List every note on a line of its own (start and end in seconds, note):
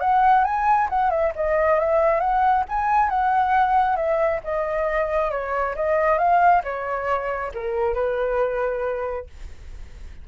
0.00 0.44 F#5
0.44 0.88 G#5
0.89 1.10 F#5
1.10 1.32 E5
1.35 1.79 D#5
1.79 2.20 E5
2.20 2.64 F#5
2.68 3.09 G#5
3.09 3.96 F#5
3.96 4.40 E5
4.44 5.31 D#5
5.31 5.75 C#5
5.75 6.18 D#5
6.18 6.62 F5
6.63 7.52 C#5
7.54 7.94 A#4
7.94 9.26 B4